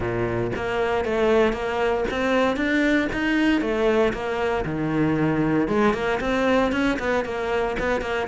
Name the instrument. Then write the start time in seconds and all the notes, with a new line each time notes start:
cello
0.00 A#2
0.55 A#3
1.04 A3
1.52 A#3
2.10 C4
2.56 D4
3.12 D#4
3.61 A3
4.13 A#3
4.65 D#3
5.68 G#3
5.93 A#3
6.20 C4
6.71 C#4
6.99 B3
7.24 A#3
7.79 B3
8.01 A#3